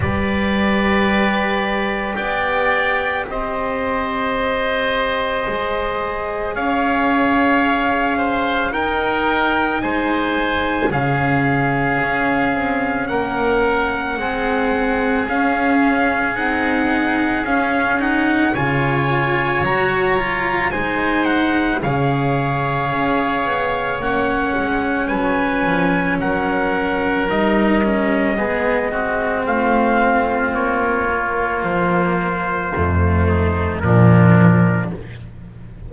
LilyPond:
<<
  \new Staff \with { instrumentName = "trumpet" } { \time 4/4 \tempo 4 = 55 d''2 g''4 dis''4~ | dis''2 f''2 | g''4 gis''4 f''2 | fis''2 f''4 fis''4 |
f''8 fis''8 gis''4 ais''4 gis''8 fis''8 | f''2 fis''4 gis''4 | fis''4 dis''2 f''4 | cis''4 c''2 ais'4 | }
  \new Staff \with { instrumentName = "oboe" } { \time 4/4 b'2 d''4 c''4~ | c''2 cis''4. c''8 | ais'4 c''4 gis'2 | ais'4 gis'2.~ |
gis'4 cis''2 c''4 | cis''2. b'4 | ais'2 gis'8 fis'8 f'4~ | f'2~ f'8 dis'8 d'4 | }
  \new Staff \with { instrumentName = "cello" } { \time 4/4 g'1~ | g'4 gis'2. | dis'2 cis'2~ | cis'4 c'4 cis'4 dis'4 |
cis'8 dis'8 f'4 fis'8 f'8 dis'4 | gis'2 cis'2~ | cis'4 dis'8 cis'8 b8 c'4.~ | c'8 ais4. a4 f4 | }
  \new Staff \with { instrumentName = "double bass" } { \time 4/4 g2 b4 c'4~ | c'4 gis4 cis'2 | dis'4 gis4 cis4 cis'8 c'8 | ais4 gis4 cis'4 c'4 |
cis'4 cis4 fis4 gis4 | cis4 cis'8 b8 ais8 gis8 fis8 f8 | fis4 g4 gis4 a4 | ais4 f4 f,4 ais,4 | }
>>